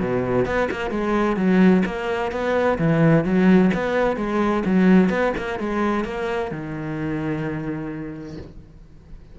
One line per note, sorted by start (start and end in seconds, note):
0.00 0.46 B2
0.46 0.69 B3
0.71 0.91 A#3
0.91 1.37 G#3
1.37 1.84 F#3
1.86 2.32 A#3
2.32 2.79 B3
2.79 3.25 E3
3.25 3.71 F#3
3.74 4.17 B3
4.17 4.63 G#3
4.66 5.10 F#3
5.10 5.33 B3
5.38 5.60 A#3
5.60 6.05 G#3
6.05 6.51 A#3
6.52 8.38 D#3